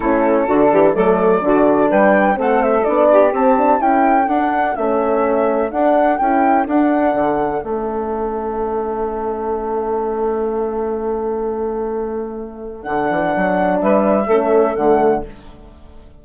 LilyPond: <<
  \new Staff \with { instrumentName = "flute" } { \time 4/4 \tempo 4 = 126 a'2 d''2 | g''4 fis''8 e''8 d''4 a''4 | g''4 fis''4 e''2 | fis''4 g''4 fis''2 |
e''1~ | e''1~ | e''2. fis''4~ | fis''4 e''2 fis''4 | }
  \new Staff \with { instrumentName = "saxophone" } { \time 4/4 e'4 fis'8 g'8 a'4 fis'4 | b'4 a'4. g'4. | a'1~ | a'1~ |
a'1~ | a'1~ | a'1~ | a'4 b'4 a'2 | }
  \new Staff \with { instrumentName = "horn" } { \time 4/4 cis'4 d'4 a4 d'4~ | d'4 c'4 d'4 c'8 d'8 | e'4 d'4 cis'2 | d'4 e'4 d'2 |
cis'1~ | cis'1~ | cis'2. d'4~ | d'2 cis'4 a4 | }
  \new Staff \with { instrumentName = "bassoon" } { \time 4/4 a4 d8 e8 fis4 d4 | g4 a4 b4 c'4 | cis'4 d'4 a2 | d'4 cis'4 d'4 d4 |
a1~ | a1~ | a2. d8 e8 | fis4 g4 a4 d4 | }
>>